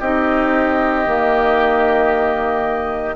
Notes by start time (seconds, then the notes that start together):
0.00 C4 D#4 G4 D#5
1.06 D#3 A#3